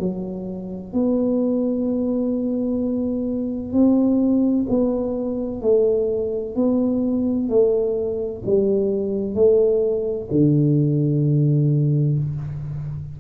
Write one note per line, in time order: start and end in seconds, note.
0.00 0.94 F#3
0.94 3.73 B3
3.73 4.67 C4
4.70 5.62 B3
5.62 6.56 A3
6.56 7.49 B3
7.49 8.43 A3
8.46 9.35 G3
9.35 10.29 A3
10.32 12.19 D3